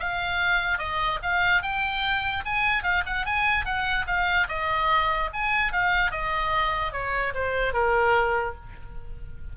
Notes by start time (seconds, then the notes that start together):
0.00 F5
0.79 D#5
1.23 F5
1.63 G5
2.46 G#5
2.84 F5
3.07 F#5
3.26 G#5
3.66 F#5
4.07 F5
4.49 D#5
5.34 G#5
5.73 F5
6.12 D#5
6.93 C#5
7.35 C5
7.73 A#4